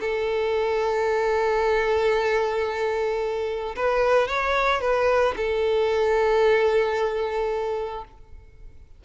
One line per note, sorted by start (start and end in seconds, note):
0.00 3.75 A4
3.75 4.27 B4
4.27 4.81 C#5
4.81 5.34 B4
5.36 8.04 A4